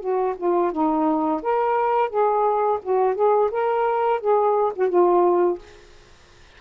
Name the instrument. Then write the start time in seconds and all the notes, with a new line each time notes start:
saxophone
0.00 F#4
0.37 F4
0.72 D#4
1.42 A#4
2.10 G#4
2.83 F#4
3.15 G#4
3.51 A#4
4.20 G#4
4.76 F#4
4.89 F4